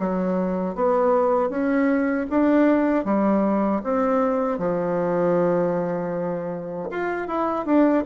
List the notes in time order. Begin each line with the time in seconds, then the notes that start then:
0.00 F#3
0.76 B3
1.50 C#4
2.30 D4
3.05 G3
3.84 C4
4.59 F3
6.91 F4
7.28 E4
7.66 D4